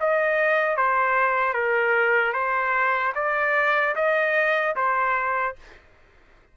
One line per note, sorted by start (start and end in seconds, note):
0.00 0.77 D#5
0.77 1.53 C5
1.53 2.33 A#4
2.33 3.13 C5
3.15 3.95 D5
3.95 4.75 D#5
4.76 5.56 C5